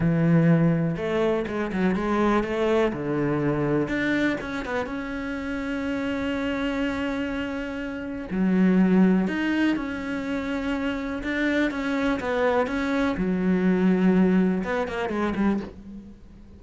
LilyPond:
\new Staff \with { instrumentName = "cello" } { \time 4/4 \tempo 4 = 123 e2 a4 gis8 fis8 | gis4 a4 d2 | d'4 cis'8 b8 cis'2~ | cis'1~ |
cis'4 fis2 dis'4 | cis'2. d'4 | cis'4 b4 cis'4 fis4~ | fis2 b8 ais8 gis8 g8 | }